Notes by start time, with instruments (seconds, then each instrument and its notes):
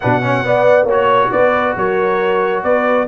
0.00 tuba B2, trombone D4, horn B4, trumpet F#5
0.22 trombone C#4, horn C#5
0.43 trombone B3, tuba B3, horn D5
0.84 tuba A#3, trombone F#4, horn C#5
0.91 trumpet C#5
1.31 tuba B3, horn B4, trumpet D5
1.76 tuba F#3, horn A#4, trumpet C#5
2.63 tuba B3, horn B4, trumpet D5